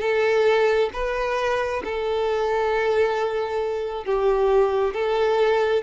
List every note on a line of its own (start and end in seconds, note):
0.00 0.90 A4
0.93 1.82 B4
1.84 4.05 A4
4.05 4.93 G4
4.93 5.83 A4